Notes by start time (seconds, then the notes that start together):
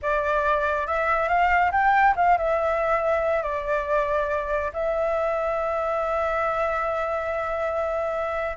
0.02 D5
0.86 E5
1.28 F5
1.71 G5
2.16 F5
2.37 E5
3.42 D5
4.73 E5